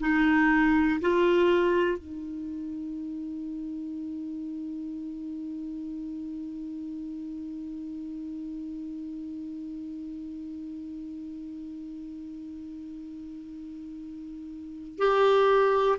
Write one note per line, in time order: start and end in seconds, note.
0.00 1.00 D#4
1.01 1.98 F4
1.98 14.98 D#4
14.98 15.98 G4